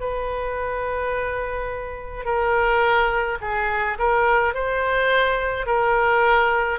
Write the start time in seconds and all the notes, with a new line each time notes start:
0.00 B4
2.25 A#4
3.41 G#4
3.99 A#4
4.54 C5
5.67 A#4